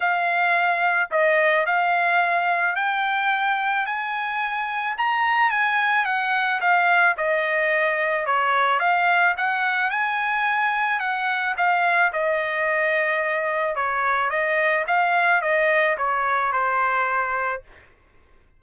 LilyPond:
\new Staff \with { instrumentName = "trumpet" } { \time 4/4 \tempo 4 = 109 f''2 dis''4 f''4~ | f''4 g''2 gis''4~ | gis''4 ais''4 gis''4 fis''4 | f''4 dis''2 cis''4 |
f''4 fis''4 gis''2 | fis''4 f''4 dis''2~ | dis''4 cis''4 dis''4 f''4 | dis''4 cis''4 c''2 | }